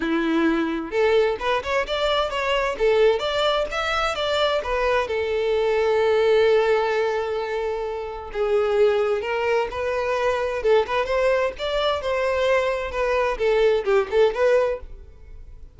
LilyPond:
\new Staff \with { instrumentName = "violin" } { \time 4/4 \tempo 4 = 130 e'2 a'4 b'8 cis''8 | d''4 cis''4 a'4 d''4 | e''4 d''4 b'4 a'4~ | a'1~ |
a'2 gis'2 | ais'4 b'2 a'8 b'8 | c''4 d''4 c''2 | b'4 a'4 g'8 a'8 b'4 | }